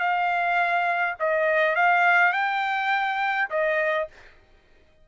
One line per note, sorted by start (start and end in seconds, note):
0.00 1.15 F5
1.20 1.76 D#5
1.76 2.33 F5
2.33 3.49 G5
3.51 4.08 D#5